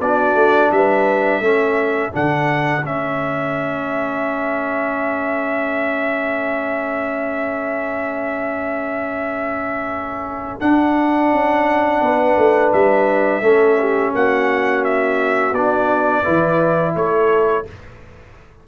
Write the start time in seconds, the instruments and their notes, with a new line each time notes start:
0.00 tuba B3, trombone D4, horn F#4, trumpet D5
0.34 tuba A3
0.71 tuba G3, horn B4, trumpet E5
1.40 tuba A3, trombone C#4, horn A4
2.11 tuba D3, trombone D4, trumpet F#5
2.83 tuba A3, trombone C#4, trumpet E5
10.60 trombone D4, tuba D4, trumpet F#5
11.31 tuba C#4
12.01 tuba B3, horn B4
12.37 tuba A3
12.72 tuba G3, trumpet E5
13.41 tuba A3, trombone C#4, horn A4
13.79 horn G4
14.14 tuba A#3, horn F#4, trumpet F#5
14.84 trumpet E5
15.51 tuba B3, trombone D4, trumpet D5
16.23 tuba E3, trombone E4, horn B4
16.95 tuba A3, horn A4, trumpet C#5